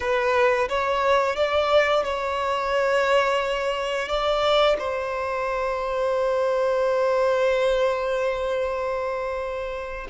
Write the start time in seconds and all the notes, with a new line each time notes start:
0.00 B4
0.68 C#5
1.36 D5
2.04 C#5
4.08 D5
4.78 C5